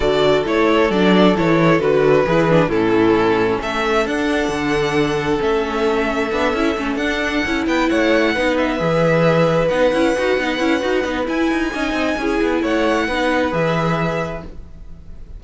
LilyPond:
<<
  \new Staff \with { instrumentName = "violin" } { \time 4/4 \tempo 4 = 133 d''4 cis''4 d''4 cis''4 | b'2 a'2 | e''4 fis''2. | e''2.~ e''8 fis''8~ |
fis''4 g''8 fis''4. e''4~ | e''4. fis''2~ fis''8~ | fis''4 gis''2. | fis''2 e''2 | }
  \new Staff \with { instrumentName = "violin" } { \time 4/4 a'1~ | a'4 gis'4 e'2 | a'1~ | a'1~ |
a'4 b'8 cis''4 b'4.~ | b'1~ | b'2 dis''4 gis'4 | cis''4 b'2. | }
  \new Staff \with { instrumentName = "viola" } { \time 4/4 fis'4 e'4 d'4 e'4 | fis'4 e'8 d'8 cis'2~ | cis'4 d'2. | cis'2 d'8 e'8 cis'8 d'8~ |
d'8 e'2 dis'4 gis'8~ | gis'4. dis'8 e'8 fis'8 dis'8 e'8 | fis'8 dis'8 e'4 dis'4 e'4~ | e'4 dis'4 gis'2 | }
  \new Staff \with { instrumentName = "cello" } { \time 4/4 d4 a4 fis4 e4 | d4 e4 a,2 | a4 d'4 d2 | a2 b8 cis'8 a8 d'8~ |
d'8 cis'8 b8 a4 b4 e8~ | e4. b8 cis'8 dis'8 b8 cis'8 | dis'8 b8 e'8 dis'8 cis'8 c'8 cis'8 b8 | a4 b4 e2 | }
>>